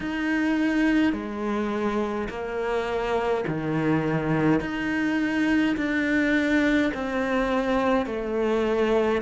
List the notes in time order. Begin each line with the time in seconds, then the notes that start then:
0.00 D#4
1.13 G#3
2.29 A#3
3.47 D#3
4.60 D#4
5.76 D4
6.93 C4
8.06 A3